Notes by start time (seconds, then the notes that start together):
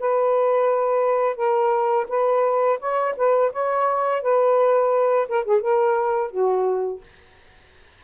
0.00 B4
1.36 A#4
2.09 B4
2.80 C#5
3.17 B4
3.53 C#5
4.23 B4
5.29 A#4
5.45 G#4
5.62 A#4
6.31 F#4